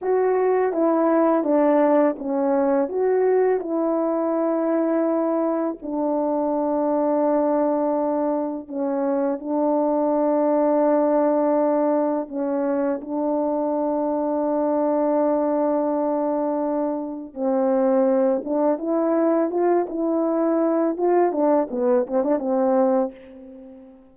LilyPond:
\new Staff \with { instrumentName = "horn" } { \time 4/4 \tempo 4 = 83 fis'4 e'4 d'4 cis'4 | fis'4 e'2. | d'1 | cis'4 d'2.~ |
d'4 cis'4 d'2~ | d'1 | c'4. d'8 e'4 f'8 e'8~ | e'4 f'8 d'8 b8 c'16 d'16 c'4 | }